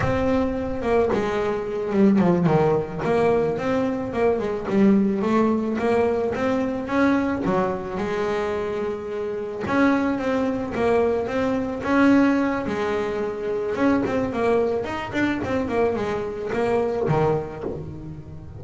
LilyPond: \new Staff \with { instrumentName = "double bass" } { \time 4/4 \tempo 4 = 109 c'4. ais8 gis4. g8 | f8 dis4 ais4 c'4 ais8 | gis8 g4 a4 ais4 c'8~ | c'8 cis'4 fis4 gis4.~ |
gis4. cis'4 c'4 ais8~ | ais8 c'4 cis'4. gis4~ | gis4 cis'8 c'8 ais4 dis'8 d'8 | c'8 ais8 gis4 ais4 dis4 | }